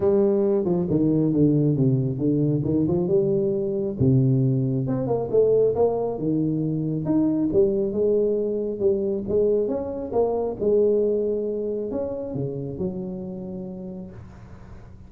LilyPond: \new Staff \with { instrumentName = "tuba" } { \time 4/4 \tempo 4 = 136 g4. f8 dis4 d4 | c4 d4 dis8 f8 g4~ | g4 c2 c'8 ais8 | a4 ais4 dis2 |
dis'4 g4 gis2 | g4 gis4 cis'4 ais4 | gis2. cis'4 | cis4 fis2. | }